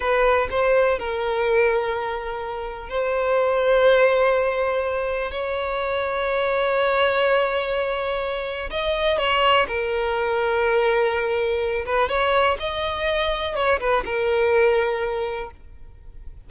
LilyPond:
\new Staff \with { instrumentName = "violin" } { \time 4/4 \tempo 4 = 124 b'4 c''4 ais'2~ | ais'2 c''2~ | c''2. cis''4~ | cis''1~ |
cis''2 dis''4 cis''4 | ais'1~ | ais'8 b'8 cis''4 dis''2 | cis''8 b'8 ais'2. | }